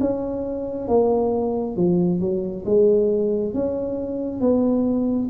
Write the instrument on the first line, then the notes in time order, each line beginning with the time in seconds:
tuba
0.00 C#4
0.88 A#3
1.76 F3
2.20 F#3
2.66 G#3
3.54 C#4
4.41 B3